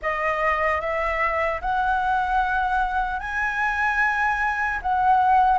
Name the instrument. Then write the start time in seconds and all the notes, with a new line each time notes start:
flute
0.02 D#5
0.80 E5
1.61 F#5
3.19 G#5
4.81 F#5